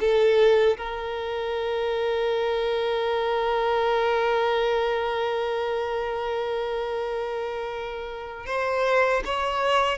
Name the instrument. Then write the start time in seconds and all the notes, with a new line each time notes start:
violin
0.00 A4
0.77 A#4
8.46 C5
9.25 C#5